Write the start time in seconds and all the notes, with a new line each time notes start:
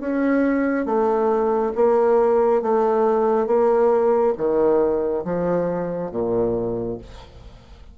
0.00 C#4
0.86 A3
1.75 A#3
2.62 A3
3.47 A#3
4.37 D#3
5.24 F3
6.11 A#2